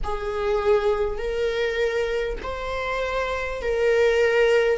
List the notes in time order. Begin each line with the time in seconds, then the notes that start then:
0.03 G#4
1.17 A#4
2.43 C5
3.62 A#4